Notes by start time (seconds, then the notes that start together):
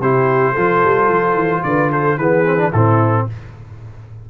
0.00 C3 E4 G4 C5
0.52 F3 F4 A4
0.85 G3
1.09 F3
1.35 E3
1.64 D3 B4 D5
1.92 A4 C5
2.18 E3 B3 G#4 B4
2.46 C4
2.58 D4
2.72 A2 C4 E4 A4